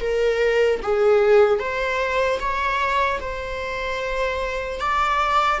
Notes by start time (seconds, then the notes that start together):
0.00 A#4
0.82 G#4
1.59 C5
2.39 C#5
3.20 C5
4.80 D5